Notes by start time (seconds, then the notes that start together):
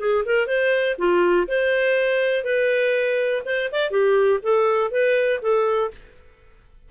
0.00 G#4
0.26 A#4
0.47 C5
0.99 F4
1.48 C5
2.45 B4
3.46 C5
3.72 D5
3.91 G4
4.43 A4
4.92 B4
5.42 A4